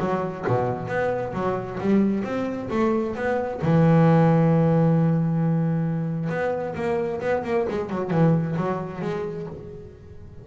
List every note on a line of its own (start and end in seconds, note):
0.00 0.45 F#3
0.48 0.88 B2
0.88 1.33 B3
1.34 1.79 F#3
1.80 2.24 G3
2.24 2.69 C4
2.71 3.16 A3
3.16 3.61 B3
3.62 6.30 E3
6.30 6.75 B3
6.75 7.21 A#3
7.21 7.44 B3
7.44 7.67 A#3
7.70 7.90 G#3
7.90 8.11 F#3
8.11 8.56 E3
8.57 9.02 F#3
9.02 9.47 G#3